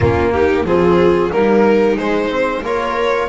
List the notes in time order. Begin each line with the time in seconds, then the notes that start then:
0.00 A#3 C#4 F4
0.32 D#4 G4
0.64 F3 C4 F4 G#4
1.31 G3 A#3 D#4 A#4
1.95 G#3 C5
2.29 C4
2.62 A#3 F4 A#4 C#5